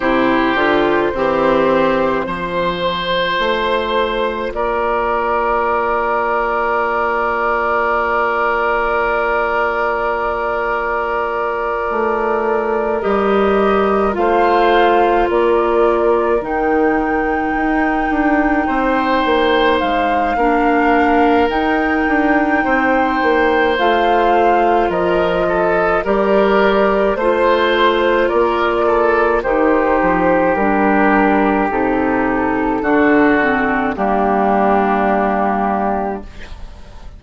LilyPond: <<
  \new Staff \with { instrumentName = "flute" } { \time 4/4 \tempo 4 = 53 c''1 | d''1~ | d''2.~ d''8 dis''8~ | dis''8 f''4 d''4 g''4.~ |
g''4. f''4. g''4~ | g''4 f''4 dis''4 d''4 | c''4 d''4 c''4 ais'4 | a'2 g'2 | }
  \new Staff \with { instrumentName = "oboe" } { \time 4/4 g'4 c'4 c''2 | ais'1~ | ais'1~ | ais'8 c''4 ais'2~ ais'8~ |
ais'8 c''4. ais'2 | c''2 ais'8 a'8 ais'4 | c''4 ais'8 a'8 g'2~ | g'4 fis'4 d'2 | }
  \new Staff \with { instrumentName = "clarinet" } { \time 4/4 e'8 f'8 g'4 f'2~ | f'1~ | f'2.~ f'8 g'8~ | g'8 f'2 dis'4.~ |
dis'2 d'4 dis'4~ | dis'4 f'2 g'4 | f'2 dis'4 d'4 | dis'4 d'8 c'8 ais2 | }
  \new Staff \with { instrumentName = "bassoon" } { \time 4/4 c8 d8 e4 f4 a4 | ais1~ | ais2~ ais8 a4 g8~ | g8 a4 ais4 dis4 dis'8 |
d'8 c'8 ais8 gis8 ais4 dis'8 d'8 | c'8 ais8 a4 f4 g4 | a4 ais4 dis8 f8 g4 | c4 d4 g2 | }
>>